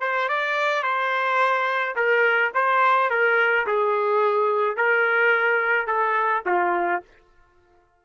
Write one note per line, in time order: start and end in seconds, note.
0.00 0.28 C5
0.29 0.83 D5
0.83 1.95 C5
1.95 2.52 A#4
2.54 3.10 C5
3.10 3.66 A#4
3.66 4.76 G#4
4.76 5.86 A#4
5.86 6.43 A4
6.46 7.02 F4